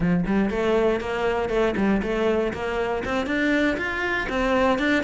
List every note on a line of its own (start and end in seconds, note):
0.00 0.24 F3
0.26 0.50 G3
0.50 1.00 A3
1.00 1.49 A#3
1.49 1.74 A3
1.76 2.01 G3
2.02 2.53 A3
2.53 3.03 A#3
3.04 3.26 C4
3.26 3.77 D4
3.77 4.27 F4
4.29 4.79 C4
4.79 5.03 D4